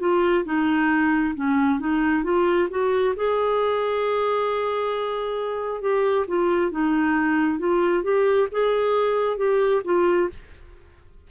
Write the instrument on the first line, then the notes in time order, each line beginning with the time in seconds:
clarinet
0.00 F4
0.45 D#4
1.35 C#4
1.80 D#4
2.24 F4
2.70 F#4
3.16 G#4
5.81 G4
6.28 F4
6.71 D#4
7.59 F4
8.04 G4
8.52 G#4
9.37 G4
9.85 F4